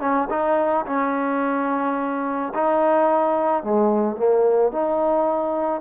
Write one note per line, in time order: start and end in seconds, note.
0.00 0.28 C#4
0.30 0.85 D#4
0.86 2.53 C#4
2.54 3.63 D#4
3.63 4.16 G#3
4.16 4.71 A#3
4.71 5.81 D#4